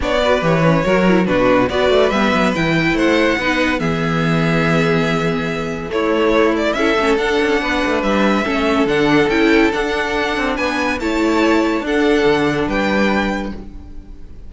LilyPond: <<
  \new Staff \with { instrumentName = "violin" } { \time 4/4 \tempo 4 = 142 d''4 cis''2 b'4 | d''4 e''4 g''4 fis''4~ | fis''4 e''2.~ | e''2 cis''4. d''8 |
e''4 fis''2 e''4~ | e''4 fis''4 g''4 fis''4~ | fis''4 gis''4 a''2 | fis''2 g''2 | }
  \new Staff \with { instrumentName = "violin" } { \time 4/4 cis''8 b'4. ais'4 fis'4 | b'2. c''4 | b'4 gis'2.~ | gis'2 e'2 |
a'2 b'2 | a'1~ | a'4 b'4 cis''2 | a'2 b'2 | }
  \new Staff \with { instrumentName = "viola" } { \time 4/4 d'8 fis'8 g'8 cis'8 fis'8 e'8 d'4 | fis'4 b4 e'2 | dis'4 b2.~ | b2 a2 |
e'8 cis'8 d'2. | cis'4 d'4 e'4 d'4~ | d'2 e'2 | d'1 | }
  \new Staff \with { instrumentName = "cello" } { \time 4/4 b4 e4 fis4 b,4 | b8 a8 g8 fis8 e4 a4 | b4 e2.~ | e2 a2 |
cis'8 a8 d'8 cis'8 b8 a8 g4 | a4 d4 cis'4 d'4~ | d'8 c'8 b4 a2 | d'4 d4 g2 | }
>>